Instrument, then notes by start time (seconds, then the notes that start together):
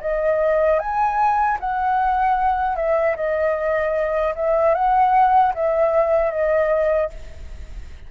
flute
0.00 D#5
0.79 G#5
1.60 F#5
2.76 E5
3.16 D#5
4.35 E5
4.74 F#5
5.54 E5
6.31 D#5